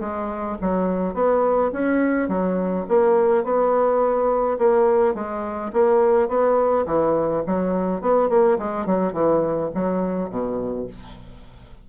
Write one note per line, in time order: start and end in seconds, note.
0.00 0.57 G#3
0.61 1.14 F#3
1.14 1.71 B3
1.72 2.28 C#4
2.28 2.85 F#3
2.88 3.44 A#3
3.44 4.58 B3
4.58 5.14 A#3
5.14 5.71 G#3
5.72 6.28 A#3
6.28 6.85 B3
6.86 7.43 E3
7.46 8.01 F#3
8.01 8.29 B3
8.29 8.58 A#3
8.58 8.86 G#3
8.86 9.13 F#3
9.13 9.70 E3
9.74 10.29 F#3
10.29 10.86 B2